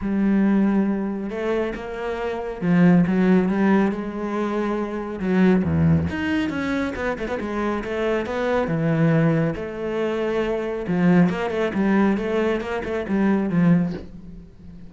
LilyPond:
\new Staff \with { instrumentName = "cello" } { \time 4/4 \tempo 4 = 138 g2. a4 | ais2 f4 fis4 | g4 gis2. | fis4 e,4 dis'4 cis'4 |
b8 a16 b16 gis4 a4 b4 | e2 a2~ | a4 f4 ais8 a8 g4 | a4 ais8 a8 g4 f4 | }